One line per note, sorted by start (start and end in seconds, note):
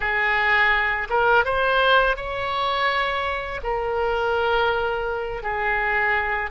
0.00 1.07 G#4
1.09 1.45 A#4
1.45 2.16 C5
2.16 3.60 C#5
3.63 5.42 A#4
5.42 6.50 G#4